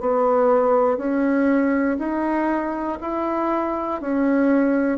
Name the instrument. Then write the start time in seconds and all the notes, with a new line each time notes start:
bassoon
0.00 B3
0.97 C#4
1.99 D#4
3.01 E4
4.01 C#4